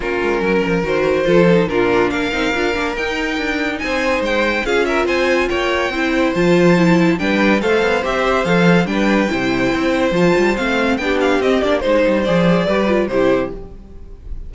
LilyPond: <<
  \new Staff \with { instrumentName = "violin" } { \time 4/4 \tempo 4 = 142 ais'2 c''2 | ais'4 f''2 g''4~ | g''4 gis''4 g''4 f''8 e''8 | gis''4 g''2 a''4~ |
a''4 g''4 f''4 e''4 | f''4 g''2. | a''4 f''4 g''8 f''8 dis''8 d''8 | c''4 d''2 c''4 | }
  \new Staff \with { instrumentName = "violin" } { \time 4/4 f'4 ais'2 a'4 | f'4 ais'2.~ | ais'4 c''2 gis'8 ais'8 | c''4 cis''4 c''2~ |
c''4 b'4 c''2~ | c''4 b'4 c''2~ | c''2 g'2 | c''2 b'4 g'4 | }
  \new Staff \with { instrumentName = "viola" } { \time 4/4 cis'2 fis'4 f'8 dis'8 | d'4. dis'8 f'8 d'8 dis'4~ | dis'2. f'4~ | f'2 e'4 f'4 |
e'4 d'4 a'4 g'4 | a'4 d'4 e'2 | f'4 c'4 d'4 c'8 d'8 | dis'4 gis'4 g'8 f'8 e'4 | }
  \new Staff \with { instrumentName = "cello" } { \time 4/4 ais8 gis8 fis8 f8 dis4 f4 | ais,4 ais8 c'8 d'8 ais8 dis'4 | d'4 c'4 gis4 cis'4 | c'4 ais4 c'4 f4~ |
f4 g4 a8 b8 c'4 | f4 g4 c4 c'4 | f8 g8 a4 b4 c'8 ais8 | gis8 g8 f4 g4 c4 | }
>>